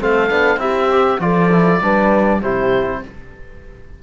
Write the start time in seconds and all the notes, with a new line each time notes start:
0.00 A3 C4 A4 F5
0.30 B3 D4
0.57 C4 E4 G4 E5
0.92 G4
1.20 F3 F4 A4 D5
1.52 E4
1.82 G3 D4 B4
2.42 C3 E4 G4 C5